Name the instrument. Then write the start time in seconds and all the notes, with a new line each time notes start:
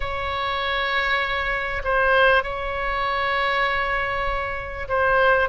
oboe
0.00 C#5
1.83 C5
2.43 C#5
4.88 C5